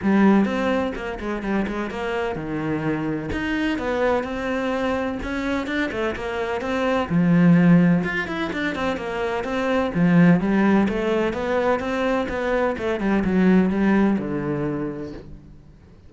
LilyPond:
\new Staff \with { instrumentName = "cello" } { \time 4/4 \tempo 4 = 127 g4 c'4 ais8 gis8 g8 gis8 | ais4 dis2 dis'4 | b4 c'2 cis'4 | d'8 a8 ais4 c'4 f4~ |
f4 f'8 e'8 d'8 c'8 ais4 | c'4 f4 g4 a4 | b4 c'4 b4 a8 g8 | fis4 g4 d2 | }